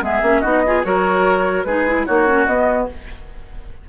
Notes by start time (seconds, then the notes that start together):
0.00 G#3 B3 G#4 E5
0.22 A#3 C#4
0.40 B3 D#4 F#4 D#5
0.66 F4 G#4
0.83 F#3 F#4 A#4 C#5
1.63 G#3 D#4 G#4 B4
1.87 E4
2.06 A#3 D#4 F#4 C#5
2.27 C#4
2.46 B3 D#5